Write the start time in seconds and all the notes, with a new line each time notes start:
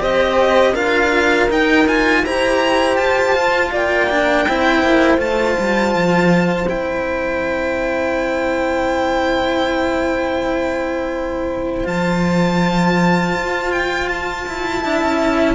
0.00 C4 G4 C5 D#5
0.74 D4 F4 A#4 F5
1.50 D#4 G5
1.87 F4 G#5
2.23 E4 G4 C5 A#5
2.97 F4 A5
3.36 F4
3.72 A#3 D5 G5
4.10 D4
4.48 C4 E4 C5
4.83 A#3
5.18 A3 F4 A5
5.59 G3
5.95 F3
6.69 C4 E4 G5
11.85 F3 F4 A5
13.35 F4
13.72 G5
14.09 A5
14.48 E4
14.82 D4 E4 E5
15.02 C#4